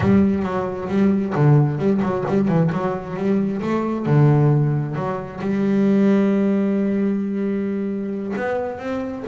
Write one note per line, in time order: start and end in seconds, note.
0.00 0.42 G3
0.42 0.87 F#3
0.88 1.33 G3
1.34 1.78 D3
1.78 2.01 G3
2.02 2.24 F#3
2.27 2.48 G3
2.48 2.70 E3
2.72 3.16 F#3
3.16 3.61 G3
3.61 4.06 A3
4.06 4.95 D3
4.95 5.40 F#3
5.40 8.34 G3
8.36 8.79 B3
8.79 9.24 C4